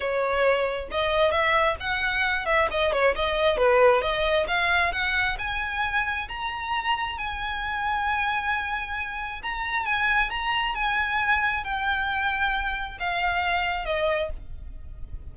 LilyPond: \new Staff \with { instrumentName = "violin" } { \time 4/4 \tempo 4 = 134 cis''2 dis''4 e''4 | fis''4. e''8 dis''8 cis''8 dis''4 | b'4 dis''4 f''4 fis''4 | gis''2 ais''2 |
gis''1~ | gis''4 ais''4 gis''4 ais''4 | gis''2 g''2~ | g''4 f''2 dis''4 | }